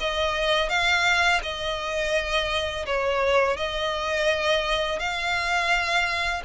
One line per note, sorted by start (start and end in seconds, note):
0.00 0.69 D#5
0.69 1.41 F5
1.43 2.86 D#5
2.86 3.57 C#5
3.57 5.00 D#5
5.00 6.43 F5